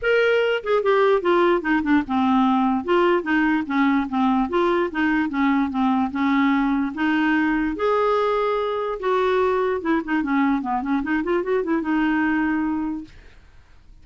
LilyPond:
\new Staff \with { instrumentName = "clarinet" } { \time 4/4 \tempo 4 = 147 ais'4. gis'8 g'4 f'4 | dis'8 d'8 c'2 f'4 | dis'4 cis'4 c'4 f'4 | dis'4 cis'4 c'4 cis'4~ |
cis'4 dis'2 gis'4~ | gis'2 fis'2 | e'8 dis'8 cis'4 b8 cis'8 dis'8 f'8 | fis'8 e'8 dis'2. | }